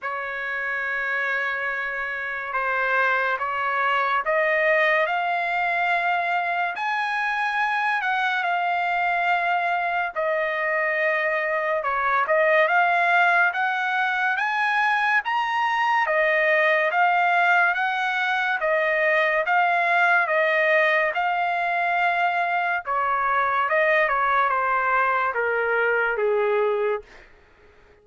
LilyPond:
\new Staff \with { instrumentName = "trumpet" } { \time 4/4 \tempo 4 = 71 cis''2. c''4 | cis''4 dis''4 f''2 | gis''4. fis''8 f''2 | dis''2 cis''8 dis''8 f''4 |
fis''4 gis''4 ais''4 dis''4 | f''4 fis''4 dis''4 f''4 | dis''4 f''2 cis''4 | dis''8 cis''8 c''4 ais'4 gis'4 | }